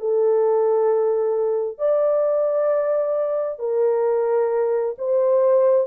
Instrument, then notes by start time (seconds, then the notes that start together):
horn
0.00 A4
1.79 D5
3.59 A#4
4.98 C5